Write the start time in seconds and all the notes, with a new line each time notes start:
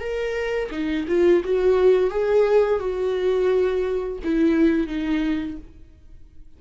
0.00 A#4
0.71 D#4
1.08 F4
1.44 F#4
2.11 G#4
2.79 F#4
4.24 E4
4.87 D#4